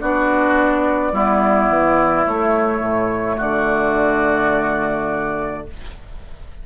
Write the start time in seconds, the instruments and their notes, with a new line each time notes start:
0.00 bassoon B3, clarinet D4, oboe F#4, flute D5
1.12 bassoon G3, clarinet B3, oboe E4
1.68 bassoon E3
2.25 clarinet A3, bassoon A3, flute C#5
2.79 bassoon A2
3.37 bassoon D3, oboe F#4, flute D5